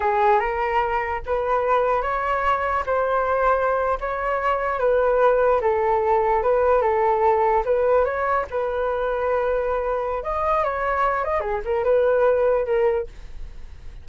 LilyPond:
\new Staff \with { instrumentName = "flute" } { \time 4/4 \tempo 4 = 147 gis'4 ais'2 b'4~ | b'4 cis''2 c''4~ | c''4.~ c''16 cis''2 b'16~ | b'4.~ b'16 a'2 b'16~ |
b'8. a'2 b'4 cis''16~ | cis''8. b'2.~ b'16~ | b'4 dis''4 cis''4. dis''8 | gis'8 ais'8 b'2 ais'4 | }